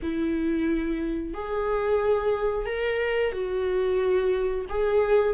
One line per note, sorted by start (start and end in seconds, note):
0.02 1.33 E4
1.33 2.65 G#4
2.65 3.32 A#4
3.32 4.65 F#4
4.69 5.33 G#4